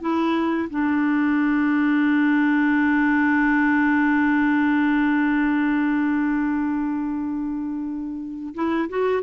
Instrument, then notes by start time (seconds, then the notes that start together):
clarinet
0.00 E4
0.70 D4
8.54 E4
8.89 F#4